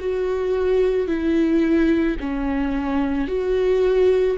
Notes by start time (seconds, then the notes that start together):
0.00 F#4
1.08 E4
2.20 C#4
3.28 F#4